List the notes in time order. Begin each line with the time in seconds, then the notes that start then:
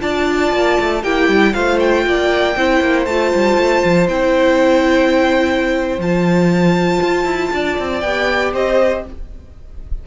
0.00 D4 F4 D5 A5
0.52 A#3
0.80 A3
1.02 A#3 E4 G4 G5
1.28 G3
1.53 A3 F4 C5 F5
1.79 G5
2.06 A#3 D5
2.56 C4 E4 C5
2.80 A#3
3.05 A3 F4 A5
3.35 G3
3.57 A3
3.84 F3
4.08 C4 E4 G5
5.98 F3 F4 A5
7.01 F4
7.24 E4
7.52 D4 D5
7.78 C4
8.00 B3 G4 G5
8.53 C4 C5 D#5